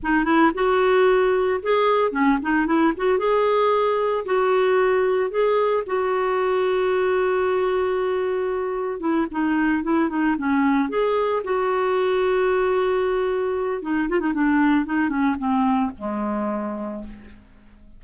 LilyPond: \new Staff \with { instrumentName = "clarinet" } { \time 4/4 \tempo 4 = 113 dis'8 e'8 fis'2 gis'4 | cis'8 dis'8 e'8 fis'8 gis'2 | fis'2 gis'4 fis'4~ | fis'1~ |
fis'4 e'8 dis'4 e'8 dis'8 cis'8~ | cis'8 gis'4 fis'2~ fis'8~ | fis'2 dis'8 f'16 dis'16 d'4 | dis'8 cis'8 c'4 gis2 | }